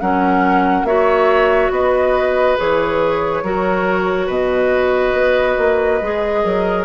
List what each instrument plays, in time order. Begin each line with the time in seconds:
0.00 bassoon F#3, clarinet C#4, oboe A#4, flute F#5
0.83 bassoon A#3, clarinet F#4, oboe C#5, flute E5
1.69 bassoon B3, oboe B4, flute D#5
2.57 bassoon E3, clarinet G#4, flute C#5
3.42 bassoon F#3, clarinet F#4, oboe A#4
4.26 bassoon B2, oboe B4, flute D#5
5.13 bassoon B3
5.57 bassoon A#3
6.01 bassoon G#3, clarinet G#4
6.44 bassoon F#3, oboe A#4